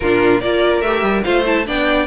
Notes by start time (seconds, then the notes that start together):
0.00 A#2 D4 F4 A#4
0.40 A#3 F4 A#4 D5
0.81 A3 G4 E5
1.02 G3
1.23 A3 F4 C5 F5
1.45 E4 A5
1.65 B3 D4 D5 G5